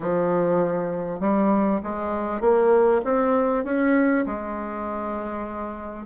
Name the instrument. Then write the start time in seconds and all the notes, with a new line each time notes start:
bassoon
0.00 F3
1.20 G3
1.83 G#3
2.40 A#3
3.04 C4
3.64 C#4
4.26 G#3